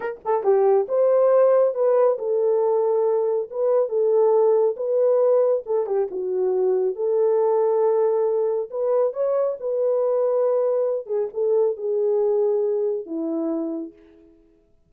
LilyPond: \new Staff \with { instrumentName = "horn" } { \time 4/4 \tempo 4 = 138 ais'8 a'8 g'4 c''2 | b'4 a'2. | b'4 a'2 b'4~ | b'4 a'8 g'8 fis'2 |
a'1 | b'4 cis''4 b'2~ | b'4. gis'8 a'4 gis'4~ | gis'2 e'2 | }